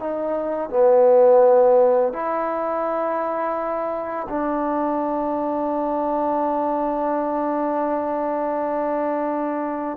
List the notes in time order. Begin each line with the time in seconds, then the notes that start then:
0.00 D#4
0.70 B3
2.13 E4
4.29 D4